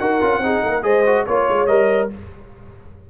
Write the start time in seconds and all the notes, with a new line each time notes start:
0.00 D#4 F#4 A#4 F#5
0.21 C#4 F4
0.38 C4 D#4 G#4
0.63 A#3 A#4
0.83 G#3 G#4 C5 D#5
1.07 F#4
1.26 A#3 F4 C#5
1.49 G#3
1.67 G3 A#4 D#5